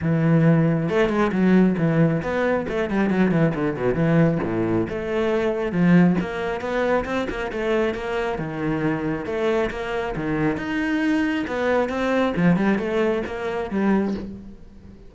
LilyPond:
\new Staff \with { instrumentName = "cello" } { \time 4/4 \tempo 4 = 136 e2 a8 gis8 fis4 | e4 b4 a8 g8 fis8 e8 | d8 b,8 e4 a,4 a4~ | a4 f4 ais4 b4 |
c'8 ais8 a4 ais4 dis4~ | dis4 a4 ais4 dis4 | dis'2 b4 c'4 | f8 g8 a4 ais4 g4 | }